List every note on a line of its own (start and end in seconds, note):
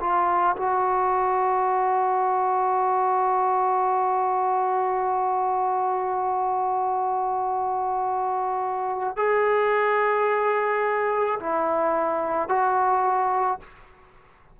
0.00 0.56 F4
0.56 9.16 F#4
9.16 11.38 G#4
11.39 12.48 E4
12.48 13.60 F#4